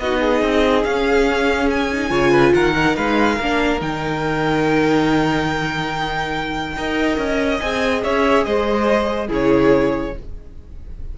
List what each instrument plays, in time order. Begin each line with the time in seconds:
0.00 cello B3, viola D#4, violin F#4 D#5
0.20 violin G#4
0.43 cello C4
0.84 cello C#4, viola C#4, violin F5
1.71 violin G#5
1.92 viola D#4
2.10 cello C#3, viola F4, violin C#5
2.32 violin B4
2.54 cello D#3, violin A#4 F#5
2.76 viola D#4
2.96 cello G#3, violin B4 F5
3.36 cello A#3, violin A#4
3.43 viola D4
3.80 cello D#3, viola D#4, violin G5
6.77 cello D#4, viola A#4, violin D#5
7.18 cello C#4
7.59 cello C4, viola G#4, violin G#5
8.04 cello C#4, violin C#5 E5
8.45 cello G#3, violin C5 D#5
9.28 cello C#3, viola E4, violin G#4 C#5